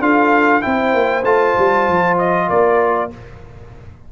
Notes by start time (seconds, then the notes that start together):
0.00 D4 F4 A4 F5
0.62 C4 E4 C5 G5
0.93 A#3
1.24 A3 F4 A5
1.58 G3
1.88 F3
2.18 D#5
2.48 A#3 A#4 D5